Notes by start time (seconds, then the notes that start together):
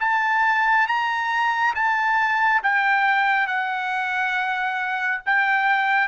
0.00 A5
0.87 A#5
1.75 A5
2.63 G5
3.47 F#5
5.26 G5